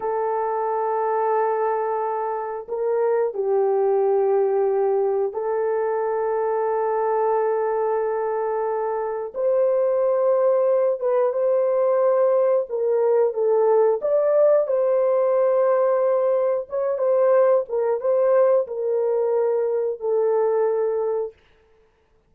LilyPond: \new Staff \with { instrumentName = "horn" } { \time 4/4 \tempo 4 = 90 a'1 | ais'4 g'2. | a'1~ | a'2 c''2~ |
c''8 b'8 c''2 ais'4 | a'4 d''4 c''2~ | c''4 cis''8 c''4 ais'8 c''4 | ais'2 a'2 | }